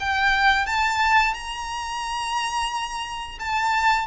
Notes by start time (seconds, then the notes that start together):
0.00 G5
0.66 A5
1.34 A#5
3.40 A5